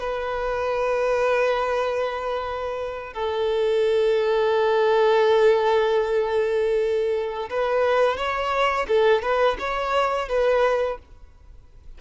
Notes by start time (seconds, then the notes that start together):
0.00 B4
3.13 A4
7.50 B4
8.17 C#5
8.88 A4
9.22 B4
9.59 C#5
10.28 B4